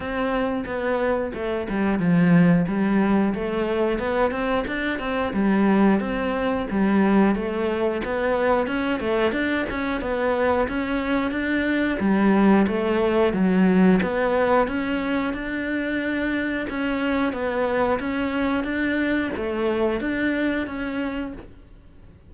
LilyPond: \new Staff \with { instrumentName = "cello" } { \time 4/4 \tempo 4 = 90 c'4 b4 a8 g8 f4 | g4 a4 b8 c'8 d'8 c'8 | g4 c'4 g4 a4 | b4 cis'8 a8 d'8 cis'8 b4 |
cis'4 d'4 g4 a4 | fis4 b4 cis'4 d'4~ | d'4 cis'4 b4 cis'4 | d'4 a4 d'4 cis'4 | }